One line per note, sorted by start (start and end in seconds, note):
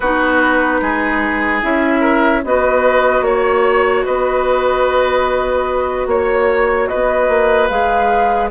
0.00 0.80 B3
0.00 1.61 D#4
0.00 0.81 F#4
0.00 1.61 B4
0.81 1.62 G#3
0.81 2.00 G#4
1.61 2.44 C#4
1.61 2.43 E4
1.61 2.44 E5
2.00 2.41 A#4
2.44 3.21 B3
2.44 7.70 F#4
2.44 3.25 B4
2.44 3.23 D#5
3.21 4.02 A#3
3.21 4.04 C#5
4.04 6.06 B3
4.04 6.07 B4
4.04 6.07 D#5
6.06 6.87 A#3
6.06 6.87 C#5
6.06 6.89 C#5
6.87 8.50 B4
6.87 7.68 D#5
6.94 7.28 B3
7.28 7.69 A#3
7.68 8.50 G#3
7.68 8.50 G#4
7.68 8.49 F5